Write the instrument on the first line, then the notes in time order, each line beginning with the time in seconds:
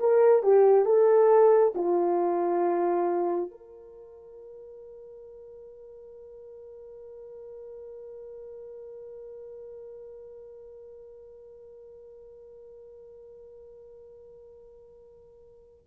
horn
0.00 A#4
0.43 G4
0.86 A4
1.75 F4
3.51 A#4